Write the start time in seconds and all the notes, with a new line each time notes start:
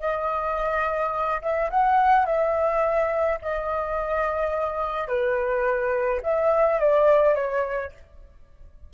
0.00 D#5
1.42 E5
1.70 F#5
2.26 E5
3.42 D#5
5.08 B4
6.23 E5
6.79 D5
7.35 C#5